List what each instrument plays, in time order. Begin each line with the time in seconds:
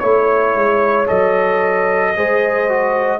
0.00 tuba A3, trombone E4, trumpet C#5, horn C#5
0.56 tuba G#3
1.07 tuba F#3, trombone A4, trumpet D#5
2.17 tuba G#3, trombone G#4, horn C5
2.70 trombone F#4